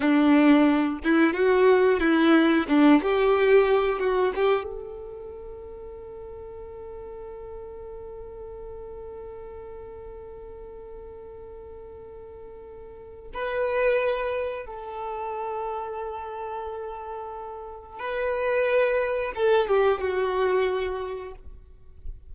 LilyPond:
\new Staff \with { instrumentName = "violin" } { \time 4/4 \tempo 4 = 90 d'4. e'8 fis'4 e'4 | d'8 g'4. fis'8 g'8 a'4~ | a'1~ | a'1~ |
a'1 | b'2 a'2~ | a'2. b'4~ | b'4 a'8 g'8 fis'2 | }